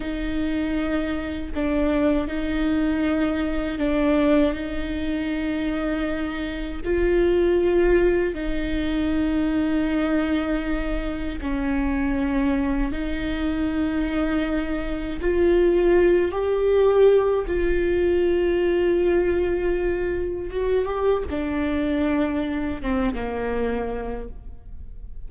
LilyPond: \new Staff \with { instrumentName = "viola" } { \time 4/4 \tempo 4 = 79 dis'2 d'4 dis'4~ | dis'4 d'4 dis'2~ | dis'4 f'2 dis'4~ | dis'2. cis'4~ |
cis'4 dis'2. | f'4. g'4. f'4~ | f'2. fis'8 g'8 | d'2 c'8 ais4. | }